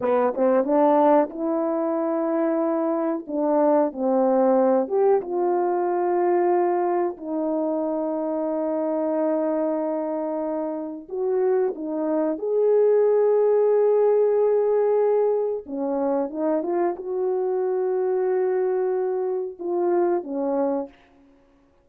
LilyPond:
\new Staff \with { instrumentName = "horn" } { \time 4/4 \tempo 4 = 92 b8 c'8 d'4 e'2~ | e'4 d'4 c'4. g'8 | f'2. dis'4~ | dis'1~ |
dis'4 fis'4 dis'4 gis'4~ | gis'1 | cis'4 dis'8 f'8 fis'2~ | fis'2 f'4 cis'4 | }